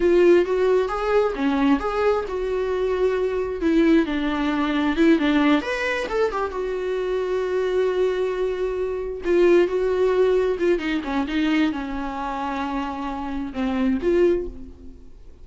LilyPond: \new Staff \with { instrumentName = "viola" } { \time 4/4 \tempo 4 = 133 f'4 fis'4 gis'4 cis'4 | gis'4 fis'2. | e'4 d'2 e'8 d'8~ | d'8 b'4 a'8 g'8 fis'4.~ |
fis'1~ | fis'8 f'4 fis'2 f'8 | dis'8 cis'8 dis'4 cis'2~ | cis'2 c'4 f'4 | }